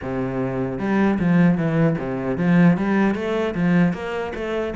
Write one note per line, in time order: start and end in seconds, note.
0.02 0.79 C3
0.79 1.18 G3
1.19 1.57 F3
1.57 1.97 E3
1.98 2.37 C3
2.37 2.77 F3
2.77 3.14 G3
3.14 3.54 A3
3.55 3.93 F3
3.93 4.32 A#3
4.34 4.74 A3